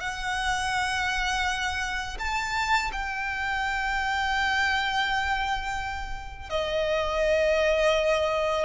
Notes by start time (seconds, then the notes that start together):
0.00 F#5
2.19 A5
2.92 G5
6.50 D#5